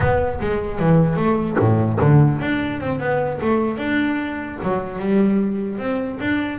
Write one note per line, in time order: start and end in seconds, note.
0.00 0.39 B3
0.40 0.79 G#3
0.79 1.16 E3
1.16 1.56 A3
1.59 1.99 A2
2.00 2.40 D3
2.40 2.80 D4
2.80 2.99 C4
2.99 3.39 B3
3.41 3.77 A3
3.77 4.57 D4
4.63 4.98 F#3
4.98 5.78 G3
5.78 6.18 C4
6.20 6.59 D4